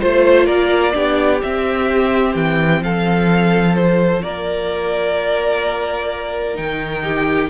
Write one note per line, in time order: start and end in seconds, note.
0.00 0.47 A3
0.00 0.93 F4
0.00 0.45 C5
0.00 0.46 C5
0.45 0.94 A#3
0.45 0.92 A#4
0.45 1.40 D5
0.93 1.42 B3
0.93 1.40 D4
0.93 2.81 G4
1.42 3.77 C4
1.42 2.35 C4
1.42 2.35 E5
2.35 2.81 E3
2.35 2.83 G5
2.81 4.22 F3
2.81 4.23 A4
2.81 3.75 F5
3.75 6.54 F4
3.75 4.22 C5
4.22 6.58 A#3
4.22 7.03 A#4
4.22 6.56 D5
6.54 7.50 D#3
6.54 7.48 D#4
6.54 7.50 G5
7.03 7.50 G4